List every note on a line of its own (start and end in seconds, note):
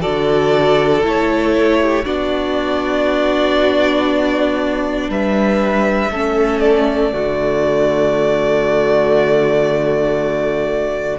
0.00 1.03 D3
0.00 1.02 F#4
0.00 1.78 A4
0.00 1.03 D5
1.03 2.05 A3
1.03 2.04 E4
1.03 2.05 C#5
1.81 2.04 G4
2.04 5.08 B3
2.04 6.11 D4
2.04 5.09 F#4
2.04 5.10 D5
5.08 6.10 G3
5.08 6.11 B4
5.08 6.60 E5
6.11 7.12 A3
6.11 7.12 C#4
6.11 7.12 A4
6.60 11.17 D5
7.12 11.18 D3
7.12 11.18 A3
7.12 11.18 F#4